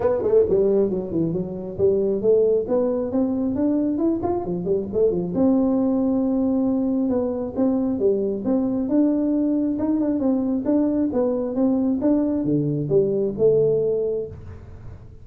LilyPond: \new Staff \with { instrumentName = "tuba" } { \time 4/4 \tempo 4 = 135 b8 a8 g4 fis8 e8 fis4 | g4 a4 b4 c'4 | d'4 e'8 f'8 f8 g8 a8 f8 | c'1 |
b4 c'4 g4 c'4 | d'2 dis'8 d'8 c'4 | d'4 b4 c'4 d'4 | d4 g4 a2 | }